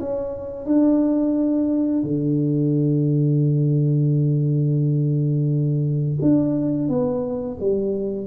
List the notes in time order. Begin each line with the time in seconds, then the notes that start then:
0.00 C#4
0.66 D4
2.03 D3
6.22 D4
6.89 B3
7.61 G3